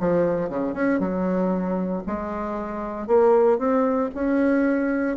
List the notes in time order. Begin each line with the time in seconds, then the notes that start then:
0.00 F3
0.49 C#3
0.74 C#4
0.99 F#3
2.07 G#3
3.07 A#3
3.58 C4
4.14 C#4